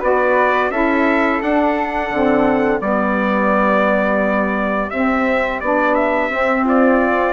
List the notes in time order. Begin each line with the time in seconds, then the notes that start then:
0.00 B3 F#4 B4 D5
0.70 C#4 E4 A4 E5
1.42 D4 F#5
2.10 D3 C4
2.81 G3 B3 G4 D5
4.90 C4 E5
5.60 B3 D4 D5
5.95 E5
6.30 C4
6.64 F4 D5